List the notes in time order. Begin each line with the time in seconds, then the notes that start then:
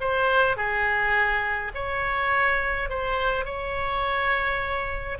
0.00 C5
0.56 G#4
1.74 C#5
2.89 C5
3.45 C#5